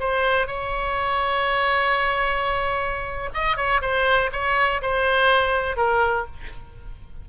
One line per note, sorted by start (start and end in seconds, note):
0.00 0.47 C5
0.47 3.30 C#5
3.34 3.57 D#5
3.57 3.82 C#5
3.82 4.31 C5
4.32 4.82 C#5
4.82 5.77 C5
5.77 6.26 A#4